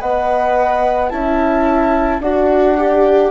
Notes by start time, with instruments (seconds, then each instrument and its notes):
0.00 bassoon B3, viola B4, horn D#5, flute F#5
1.09 bassoon C#4, viola E4, horn E5, flute A5
2.20 bassoon D4, viola F#4, horn D5, flute F#5
2.78 viola G4